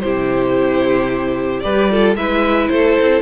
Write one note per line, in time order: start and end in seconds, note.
0.00 1.64 C3
0.00 1.63 E4
0.00 1.64 G4
0.00 1.60 C5
1.60 2.15 G3
1.60 1.90 G4
1.60 1.91 B4
1.60 2.14 D5
1.90 2.17 F4
1.90 2.17 A4
2.15 2.69 G#3
2.15 3.22 E4
2.15 2.71 B4
2.15 2.68 E5
2.68 2.97 A3
2.68 3.22 A4
2.68 3.22 C5
3.01 3.22 C4